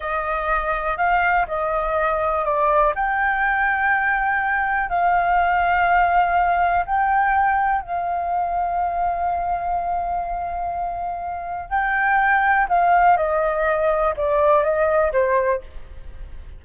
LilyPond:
\new Staff \with { instrumentName = "flute" } { \time 4/4 \tempo 4 = 123 dis''2 f''4 dis''4~ | dis''4 d''4 g''2~ | g''2 f''2~ | f''2 g''2 |
f''1~ | f''1 | g''2 f''4 dis''4~ | dis''4 d''4 dis''4 c''4 | }